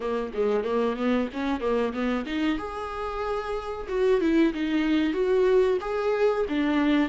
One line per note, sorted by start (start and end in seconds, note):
0.00 0.32 A#3
0.33 0.64 G#3
0.64 0.96 A#3
0.96 1.28 B3
1.33 1.60 C#4
1.60 1.92 A#3
1.93 2.25 B3
2.26 2.58 D#4
2.58 3.87 G#4
3.88 4.20 F#4
4.21 4.53 E4
4.53 5.13 D#4
5.13 5.77 F#4
5.81 6.45 G#4
6.48 7.09 D4